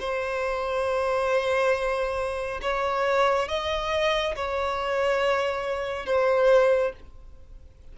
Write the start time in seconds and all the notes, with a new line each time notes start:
0.00 C5
2.62 C#5
3.49 D#5
4.36 C#5
6.06 C5